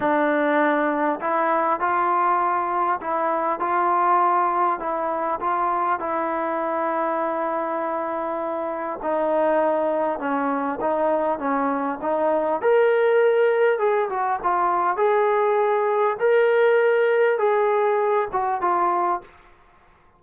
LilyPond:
\new Staff \with { instrumentName = "trombone" } { \time 4/4 \tempo 4 = 100 d'2 e'4 f'4~ | f'4 e'4 f'2 | e'4 f'4 e'2~ | e'2. dis'4~ |
dis'4 cis'4 dis'4 cis'4 | dis'4 ais'2 gis'8 fis'8 | f'4 gis'2 ais'4~ | ais'4 gis'4. fis'8 f'4 | }